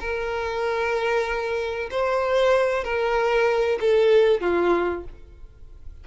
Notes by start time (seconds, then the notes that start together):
0.00 A#4
1.91 C5
2.84 A#4
3.80 A4
4.41 F4